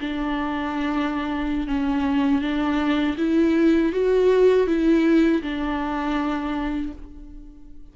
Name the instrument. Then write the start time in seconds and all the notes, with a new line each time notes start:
viola
0.00 D4
1.67 C#4
2.41 D4
3.17 E4
3.93 F#4
4.67 E4
5.42 D4